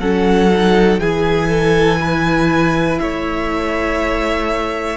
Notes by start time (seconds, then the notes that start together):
0.00 F#3 C#4 A4 F#5
0.51 D#4
1.00 E3 E4 G#4 G#5
1.49 A4
2.01 B4
2.99 A3 C#5 E5